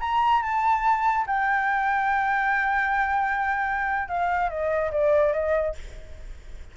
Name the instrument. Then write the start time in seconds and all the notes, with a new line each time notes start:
flute
0.00 A#5
0.42 A5
1.26 G5
4.08 F5
4.49 D#5
4.91 D5
5.33 D#5